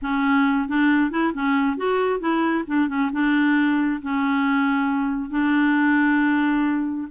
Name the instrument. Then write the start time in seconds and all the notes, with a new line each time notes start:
clarinet
0.02 C#4
0.68 D4
1.10 E4
1.34 C#4
1.77 F#4
2.20 E4
2.67 D4
2.88 C#4
3.12 D4
4.02 C#4
5.30 D4